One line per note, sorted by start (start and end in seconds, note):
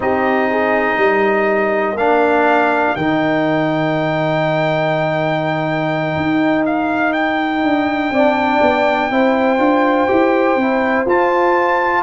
0.00 0.96 C4
0.00 1.96 D#4
0.00 0.50 G4
0.00 1.97 D#5
0.50 0.98 G#4
0.96 1.94 G3
0.96 8.11 A#4
1.94 2.92 A#3
1.94 2.97 D4
1.94 2.95 F5
2.95 6.16 D#3
2.95 8.14 D#4
2.95 6.64 G5
6.16 7.63 D#4
6.65 7.12 F5
7.12 11.06 G5
7.63 8.10 D4
8.10 8.59 C4
8.10 9.10 D4
8.10 9.11 D5
8.61 9.10 B3
9.10 9.58 C4
9.10 9.58 E4
9.10 12.03 C5
9.58 10.07 D4
9.58 10.07 F4
10.07 10.55 E4
10.07 10.56 G4
10.55 11.05 C4
10.55 11.06 E4
11.05 12.03 F4
11.05 12.03 A5